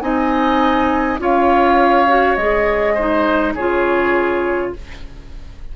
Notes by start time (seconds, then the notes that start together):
0.00 C4 D#4 D#5 G#5
1.18 C#4 F4 C#5 F5
2.07 F#4
2.35 G#3 G#4 D#5
2.94 D#4 C5
3.54 C#3 F4 G#4 C#5